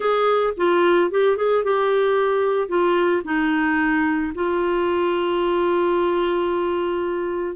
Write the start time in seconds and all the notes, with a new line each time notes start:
0.00 G#4
0.57 F4
1.10 G4
1.37 G#4
1.63 G4
2.68 F4
3.24 D#4
4.34 F4